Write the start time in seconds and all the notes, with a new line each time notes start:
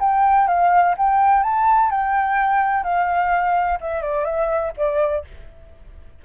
0.00 G5
0.48 F5
0.98 G5
1.44 A5
1.91 G5
2.84 F5
3.81 E5
4.02 D5
4.25 E5
4.77 D5